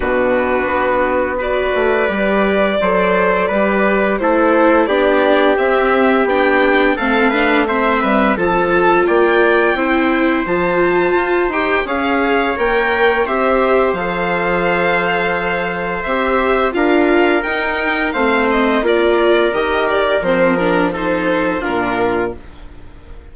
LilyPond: <<
  \new Staff \with { instrumentName = "violin" } { \time 4/4 \tempo 4 = 86 b'2 d''2~ | d''2 c''4 d''4 | e''4 g''4 f''4 e''4 | a''4 g''2 a''4~ |
a''8 g''8 f''4 g''4 e''4 | f''2. e''4 | f''4 g''4 f''8 dis''8 d''4 | dis''8 d''8 c''8 ais'8 c''4 ais'4 | }
  \new Staff \with { instrumentName = "trumpet" } { \time 4/4 fis'2 b'2 | c''4 b'4 a'4 g'4~ | g'2 a'8 b'8 c''8 b'8 | a'4 d''4 c''2~ |
c''4 cis''2 c''4~ | c''1 | ais'2 c''4 ais'4~ | ais'2 a'4 f'4 | }
  \new Staff \with { instrumentName = "viola" } { \time 4/4 d'2 fis'4 g'4 | a'4 g'4 e'4 d'4 | c'4 d'4 c'8 d'8 c'4 | f'2 e'4 f'4~ |
f'8 g'8 gis'4 ais'4 g'4 | a'2. g'4 | f'4 dis'4 c'4 f'4 | g'4 c'8 d'8 dis'4 d'4 | }
  \new Staff \with { instrumentName = "bassoon" } { \time 4/4 b,4 b4. a8 g4 | fis4 g4 a4 b4 | c'4 b4 a4. g8 | f4 ais4 c'4 f4 |
f'8 dis'8 cis'4 ais4 c'4 | f2. c'4 | d'4 dis'4 a4 ais4 | dis4 f2 ais,4 | }
>>